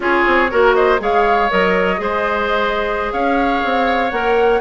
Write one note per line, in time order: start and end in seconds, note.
0.00 0.24 C#4
0.00 0.50 F4
0.00 0.50 G#4
0.00 0.74 C#5
0.26 0.51 C4
0.50 1.00 A#3
0.50 0.99 F#4
0.50 0.75 A#4
0.74 1.00 C5
0.74 0.99 D#5
0.99 1.50 G#3
0.99 1.49 G#4
0.99 2.01 C#5
0.99 1.50 F5
1.50 1.99 F#3
1.50 1.97 A#4
1.50 3.12 D#5
1.97 3.12 G#3
1.97 4.09 G#4
1.97 3.12 C5
3.12 3.62 C#4
3.12 4.61 C#5
3.12 4.10 F5
3.64 4.11 C4
4.10 4.61 A#3
4.10 4.61 A#4
4.10 4.60 F#5